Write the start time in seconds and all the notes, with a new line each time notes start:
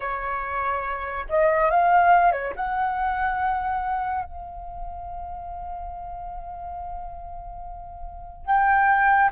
0.00 C#5
1.29 D#5
1.70 F5
2.32 C#5
2.56 F#5
4.24 F5
8.45 G5